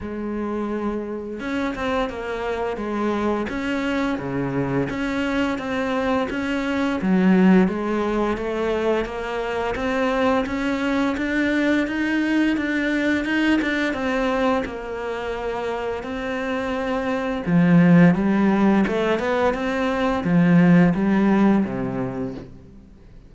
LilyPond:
\new Staff \with { instrumentName = "cello" } { \time 4/4 \tempo 4 = 86 gis2 cis'8 c'8 ais4 | gis4 cis'4 cis4 cis'4 | c'4 cis'4 fis4 gis4 | a4 ais4 c'4 cis'4 |
d'4 dis'4 d'4 dis'8 d'8 | c'4 ais2 c'4~ | c'4 f4 g4 a8 b8 | c'4 f4 g4 c4 | }